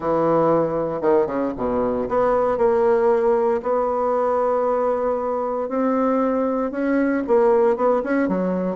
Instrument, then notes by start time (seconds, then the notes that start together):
bassoon
0.00 E3
1.01 D#3
1.26 C#3
1.57 B2
2.08 B3
2.57 A#3
3.62 B3
5.68 C4
6.71 C#4
7.27 A#3
7.76 B3
8.03 C#4
8.28 F#3